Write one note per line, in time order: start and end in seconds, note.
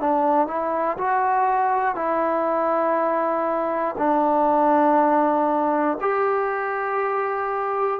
0.00 0.47 D4
0.47 0.97 E4
0.98 1.95 F#4
1.95 3.95 E4
3.98 5.98 D4
6.01 8.00 G4